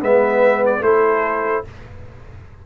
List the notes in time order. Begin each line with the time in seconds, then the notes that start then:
0.00 G#3 B3 B4 E5
0.66 D5
0.80 A3 E4 A4 C5